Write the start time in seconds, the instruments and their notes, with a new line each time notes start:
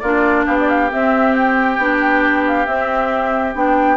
0.00 bassoon A#3, clarinet D4, oboe F4, flute D5
0.45 bassoon B3, oboe G4, flute F5
0.60 flute D5
0.69 flute F5
0.90 clarinet C4, bassoon C4, flute E5
1.34 flute G5
1.77 bassoon B3, clarinet D4
2.47 flute F5
2.65 clarinet C4, bassoon C4, flute E5
3.54 bassoon B3, clarinet D4, flute G5